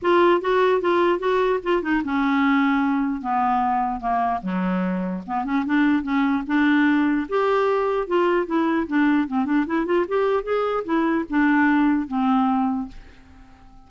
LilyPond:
\new Staff \with { instrumentName = "clarinet" } { \time 4/4 \tempo 4 = 149 f'4 fis'4 f'4 fis'4 | f'8 dis'8 cis'2. | b2 ais4 fis4~ | fis4 b8 cis'8 d'4 cis'4 |
d'2 g'2 | f'4 e'4 d'4 c'8 d'8 | e'8 f'8 g'4 gis'4 e'4 | d'2 c'2 | }